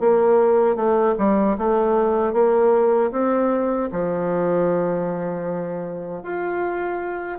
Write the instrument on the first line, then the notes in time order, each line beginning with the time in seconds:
bassoon
0.00 A#3
0.76 A3
1.18 G3
1.58 A3
2.33 A#3
3.12 C4
3.92 F3
6.23 F4